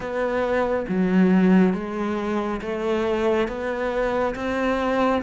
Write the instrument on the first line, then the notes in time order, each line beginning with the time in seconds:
cello
0.00 B3
0.88 F#3
1.74 G#3
2.61 A3
3.47 B3
4.35 C4